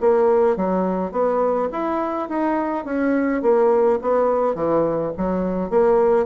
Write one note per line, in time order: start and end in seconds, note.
0.00 0.56 A#3
0.56 1.11 F#3
1.11 1.69 B3
1.72 2.29 E4
2.29 2.85 D#4
2.85 3.42 C#4
3.42 3.99 A#3
4.02 4.55 B3
4.55 5.12 E3
5.17 5.70 F#3
5.70 6.26 A#3